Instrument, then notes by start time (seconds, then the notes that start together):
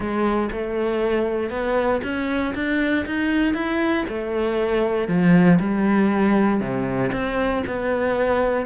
cello
0.00 G#3
0.51 A3
1.50 B3
2.03 C#4
2.54 D4
3.05 D#4
3.54 E4
4.08 A3
5.08 F3
5.59 G3
6.60 C3
7.12 C4
7.66 B3